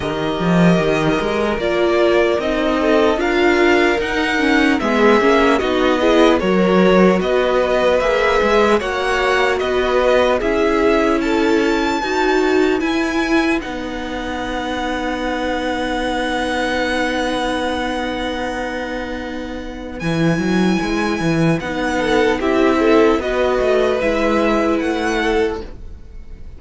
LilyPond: <<
  \new Staff \with { instrumentName = "violin" } { \time 4/4 \tempo 4 = 75 dis''2 d''4 dis''4 | f''4 fis''4 e''4 dis''4 | cis''4 dis''4 e''4 fis''4 | dis''4 e''4 a''2 |
gis''4 fis''2.~ | fis''1~ | fis''4 gis''2 fis''4 | e''4 dis''4 e''4 fis''4 | }
  \new Staff \with { instrumentName = "violin" } { \time 4/4 ais'2.~ ais'8 a'8 | ais'2 gis'4 fis'8 gis'8 | ais'4 b'2 cis''4 | b'4 gis'4 a'4 b'4~ |
b'1~ | b'1~ | b'2.~ b'8 a'8 | g'8 a'8 b'2~ b'8 a'8 | }
  \new Staff \with { instrumentName = "viola" } { \time 4/4 g'2 f'4 dis'4 | f'4 dis'8 cis'8 b8 cis'8 dis'8 e'8 | fis'2 gis'4 fis'4~ | fis'4 e'2 fis'4 |
e'4 dis'2.~ | dis'1~ | dis'4 e'2 dis'4 | e'4 fis'4 e'2 | }
  \new Staff \with { instrumentName = "cello" } { \time 4/4 dis8 f8 dis8 gis8 ais4 c'4 | d'4 dis'4 gis8 ais8 b4 | fis4 b4 ais8 gis8 ais4 | b4 cis'2 dis'4 |
e'4 b2.~ | b1~ | b4 e8 fis8 gis8 e8 b4 | c'4 b8 a8 gis4 a4 | }
>>